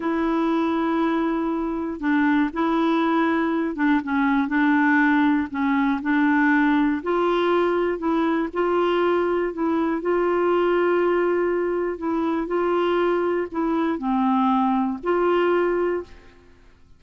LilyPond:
\new Staff \with { instrumentName = "clarinet" } { \time 4/4 \tempo 4 = 120 e'1 | d'4 e'2~ e'8 d'8 | cis'4 d'2 cis'4 | d'2 f'2 |
e'4 f'2 e'4 | f'1 | e'4 f'2 e'4 | c'2 f'2 | }